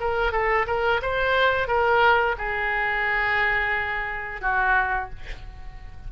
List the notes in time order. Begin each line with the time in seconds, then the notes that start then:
0.00 A#4
0.32 A4
0.67 A#4
1.02 C5
1.68 A#4
2.38 G#4
4.42 F#4